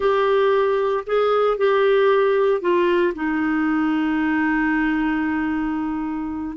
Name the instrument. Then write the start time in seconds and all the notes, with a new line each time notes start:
clarinet
0.00 G4
1.06 G#4
1.57 G4
2.61 F4
3.14 D#4